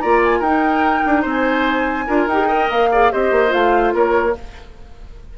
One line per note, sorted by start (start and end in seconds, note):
0.00 0.40 A#3
0.00 0.44 F4
0.00 0.39 D5
0.00 0.21 A#5
0.24 0.41 G#5
0.39 1.02 D#4
0.39 2.07 D#4
0.39 1.22 A#4
0.39 1.24 G5
1.06 1.25 D4
1.22 2.07 C4
1.22 2.04 C5
1.29 2.29 G#5
2.07 2.27 D4
2.07 2.28 F4
2.07 2.48 A#4
2.27 2.68 D#4
2.27 2.70 G5
2.33 2.40 G4
2.40 2.48 G#4
2.48 2.90 A#4
2.48 2.89 D#5
2.70 3.12 A#3
2.70 3.12 F5
2.91 3.12 G#4
2.91 3.12 D5
3.12 3.31 C4
3.12 3.48 G4
3.12 3.94 C5
3.12 3.52 D#5
3.31 3.52 A#3
3.48 3.94 A3
3.48 4.31 F4
3.48 3.94 F5
3.94 4.35 A#3
3.94 4.36 A#4
3.94 4.38 C#5